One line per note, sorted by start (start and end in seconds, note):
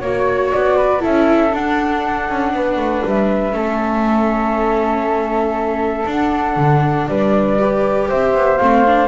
0.00 0.52 A#3
0.00 1.00 F#4
0.00 0.50 C#5
0.00 0.77 C#5
0.51 1.05 B3
0.51 1.02 D5
0.77 1.01 B4
1.00 1.53 C#4
1.00 1.50 E4
1.00 2.52 A4
1.00 1.54 E5
1.53 2.28 D4
1.53 3.52 D4
1.53 3.05 F#5
2.29 2.53 C#4
2.53 2.77 B3
2.53 3.55 B4
2.77 3.02 A3
3.06 3.52 G3
3.06 6.10 E5
3.52 6.04 A3
3.52 6.04 C#4
3.52 7.08 A4
6.06 6.56 D4
6.06 7.59 D4
6.06 7.08 F#5
6.56 7.07 D3
7.08 8.09 G3
7.08 8.09 B4
7.08 8.09 D5
7.59 8.60 G4
8.09 8.34 C4
8.09 9.08 C5
8.09 8.58 E5
8.34 8.59 B3
8.58 9.08 A3
8.58 8.85 C4
8.58 9.08 F5
8.86 9.08 D4